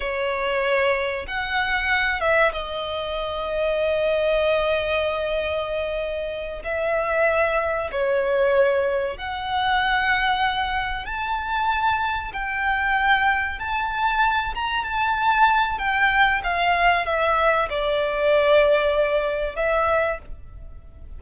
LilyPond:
\new Staff \with { instrumentName = "violin" } { \time 4/4 \tempo 4 = 95 cis''2 fis''4. e''8 | dis''1~ | dis''2~ dis''8 e''4.~ | e''8 cis''2 fis''4.~ |
fis''4. a''2 g''8~ | g''4. a''4. ais''8 a''8~ | a''4 g''4 f''4 e''4 | d''2. e''4 | }